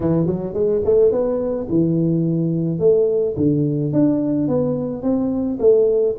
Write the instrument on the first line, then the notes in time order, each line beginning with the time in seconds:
tuba
0.00 E3
0.26 F#3
0.53 G#3
0.85 A3
1.11 B3
1.69 E3
2.79 A3
3.36 D3
3.93 D4
4.48 B3
5.02 C4
5.59 A3